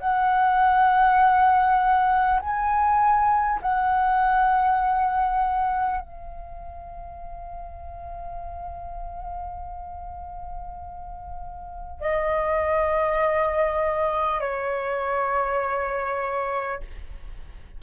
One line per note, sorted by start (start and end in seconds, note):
0.00 2.40 F#5
2.40 3.60 G#5
3.62 6.01 F#5
6.01 12.01 F5
12.01 14.41 D#5
14.41 16.81 C#5